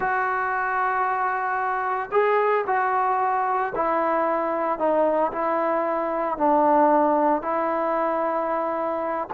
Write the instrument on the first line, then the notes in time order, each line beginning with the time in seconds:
trombone
0.00 F#4
2.11 G#4
2.66 F#4
3.75 E4
4.78 D#4
5.32 E4
6.37 D4
7.42 E4